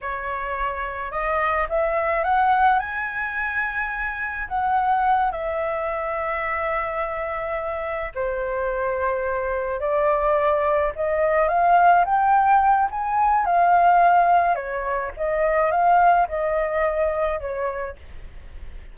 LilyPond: \new Staff \with { instrumentName = "flute" } { \time 4/4 \tempo 4 = 107 cis''2 dis''4 e''4 | fis''4 gis''2. | fis''4. e''2~ e''8~ | e''2~ e''8 c''4.~ |
c''4. d''2 dis''8~ | dis''8 f''4 g''4. gis''4 | f''2 cis''4 dis''4 | f''4 dis''2 cis''4 | }